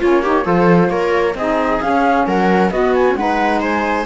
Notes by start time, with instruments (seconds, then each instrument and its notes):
0.00 cello A#3, saxophone C#4, viola F4, flute C#5
0.23 saxophone D#4, viola G4
0.43 cello F3, saxophone F4, viola A4, flute C5
0.91 cello A#3, viola A#4, flute C#5
1.35 cello C4, saxophone D#4, viola G#4, flute D#5
1.82 cello C#4, saxophone C#4, flute F5
2.27 cello F#3, viola A#4, flute F#5
2.71 cello B3, saxophone B3, viola F#4, flute D#5
2.95 flute G#5
3.09 saxophone C#4
3.15 cello G#3, saxophone D#4, viola B4, flute F#5
3.61 viola C5, flute G#5